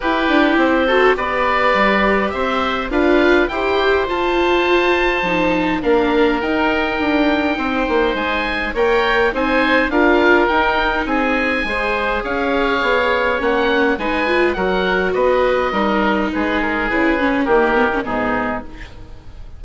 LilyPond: <<
  \new Staff \with { instrumentName = "oboe" } { \time 4/4 \tempo 4 = 103 b'4 c''4 d''2 | e''4 f''4 g''4 a''4~ | a''2 f''4 g''4~ | g''2 gis''4 g''4 |
gis''4 f''4 g''4 gis''4~ | gis''4 f''2 fis''4 | gis''4 fis''4 dis''2 | b'8 ais'8 b'4 ais'4 gis'4 | }
  \new Staff \with { instrumentName = "oboe" } { \time 4/4 g'4. a'8 b'2 | c''4 b'4 c''2~ | c''2 ais'2~ | ais'4 c''2 cis''4 |
c''4 ais'2 gis'4 | c''4 cis''2. | b'4 ais'4 b'4 ais'4 | gis'2 g'4 dis'4 | }
  \new Staff \with { instrumentName = "viola" } { \time 4/4 e'4. fis'8 g'2~ | g'4 f'4 g'4 f'4~ | f'4 dis'4 d'4 dis'4~ | dis'2. ais'4 |
dis'4 f'4 dis'2 | gis'2. cis'4 | dis'8 f'8 fis'2 dis'4~ | dis'4 e'8 cis'8 ais8 b16 cis'16 b4 | }
  \new Staff \with { instrumentName = "bassoon" } { \time 4/4 e'8 d'8 c'4 b4 g4 | c'4 d'4 e'4 f'4~ | f'4 f4 ais4 dis'4 | d'4 c'8 ais8 gis4 ais4 |
c'4 d'4 dis'4 c'4 | gis4 cis'4 b4 ais4 | gis4 fis4 b4 g4 | gis4 cis4 dis4 gis,4 | }
>>